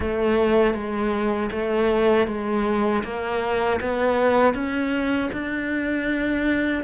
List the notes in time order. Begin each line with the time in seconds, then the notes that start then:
0.00 A3
0.74 G#3
1.51 A3
2.27 G#3
3.04 A#3
3.80 B3
4.54 C#4
5.32 D4